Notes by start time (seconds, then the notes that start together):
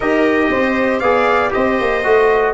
0.00 D#4 G4 A#4 D#5
0.51 C4 C5
0.99 B3 G#4 D5 F5
1.50 C4 G4 C5 D#5
1.80 A#3
2.03 A3 F#4